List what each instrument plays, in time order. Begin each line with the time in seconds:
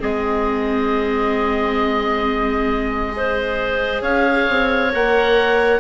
0.00 bassoon G#3, viola C4, clarinet G#4, oboe D#5
3.12 viola G#4, clarinet C5
4.01 bassoon C#4, clarinet C#5, oboe F5
4.49 bassoon C4
4.92 bassoon A#3, viola A#4, oboe F#5